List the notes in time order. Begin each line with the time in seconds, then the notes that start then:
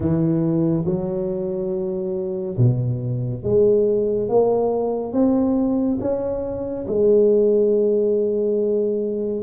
0.00 E3
0.85 F#3
2.57 B2
3.43 G#3
4.29 A#3
5.12 C4
6.00 C#4
6.87 G#3